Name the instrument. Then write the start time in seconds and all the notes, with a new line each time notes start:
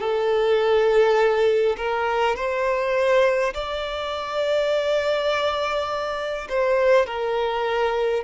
violin
0.00 A4
1.77 A#4
2.36 C5
3.54 D5
6.49 C5
7.06 A#4